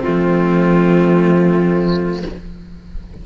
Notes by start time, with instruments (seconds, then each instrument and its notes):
0.00 cello A3, violin C4, clarinet F4
0.08 cello F3